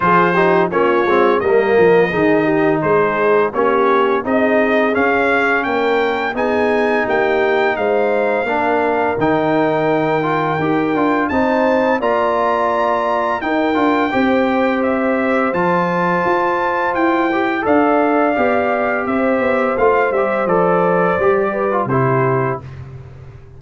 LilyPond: <<
  \new Staff \with { instrumentName = "trumpet" } { \time 4/4 \tempo 4 = 85 c''4 cis''4 dis''2 | c''4 cis''4 dis''4 f''4 | g''4 gis''4 g''4 f''4~ | f''4 g''2. |
a''4 ais''2 g''4~ | g''4 e''4 a''2 | g''4 f''2 e''4 | f''8 e''8 d''2 c''4 | }
  \new Staff \with { instrumentName = "horn" } { \time 4/4 gis'8 g'8 f'4 ais'4 gis'8 g'8 | gis'4 g'4 gis'2 | ais'4 gis'4 g'4 c''4 | ais'1 |
c''4 d''2 ais'4 | c''1~ | c''4 d''2 c''4~ | c''2~ c''8 b'8 g'4 | }
  \new Staff \with { instrumentName = "trombone" } { \time 4/4 f'8 dis'8 cis'8 c'8 ais4 dis'4~ | dis'4 cis'4 dis'4 cis'4~ | cis'4 dis'2. | d'4 dis'4. f'8 g'8 f'8 |
dis'4 f'2 dis'8 f'8 | g'2 f'2~ | f'8 g'8 a'4 g'2 | f'8 g'8 a'4 g'8. f'16 e'4 | }
  \new Staff \with { instrumentName = "tuba" } { \time 4/4 f4 ais8 gis8 g8 f8 dis4 | gis4 ais4 c'4 cis'4 | ais4 b4 ais4 gis4 | ais4 dis2 dis'8 d'8 |
c'4 ais2 dis'8 d'8 | c'2 f4 f'4 | e'4 d'4 b4 c'8 b8 | a8 g8 f4 g4 c4 | }
>>